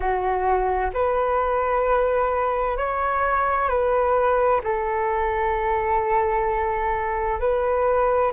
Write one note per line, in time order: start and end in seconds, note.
0.00 0.90 F#4
0.93 2.77 B4
2.77 3.68 C#5
3.68 4.61 B4
4.63 7.39 A4
7.39 8.32 B4